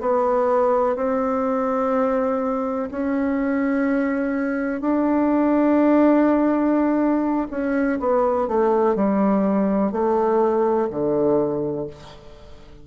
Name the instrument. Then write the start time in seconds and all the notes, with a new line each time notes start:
bassoon
0.00 B3
0.95 C4
2.91 C#4
4.81 D4
7.50 C#4
8.00 B3
8.48 A3
8.95 G3
9.91 A3
10.90 D3